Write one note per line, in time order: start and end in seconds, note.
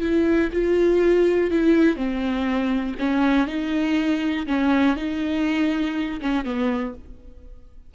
0.00 0.50 E4
0.52 1.51 F4
1.51 1.96 E4
1.96 2.95 C4
2.99 3.47 C#4
3.47 4.46 D#4
4.47 4.96 C#4
4.96 6.20 D#4
6.21 6.44 C#4
6.44 6.94 B3